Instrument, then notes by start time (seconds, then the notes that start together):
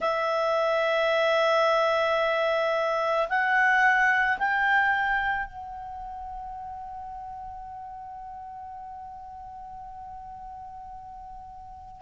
clarinet
0.00 E5
3.28 F#5
4.38 G5
5.46 F#5